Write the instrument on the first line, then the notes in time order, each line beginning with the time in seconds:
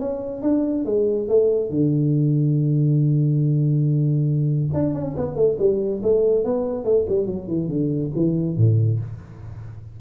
tuba
0.00 C#4
0.42 D4
0.86 G#3
1.29 A3
1.70 D3
4.74 D4
4.94 C#4
5.17 B3
5.36 A3
5.59 G3
6.03 A3
6.45 B3
6.85 A3
7.09 G3
7.27 F#3
7.48 E3
7.69 D3
8.16 E3
8.57 A2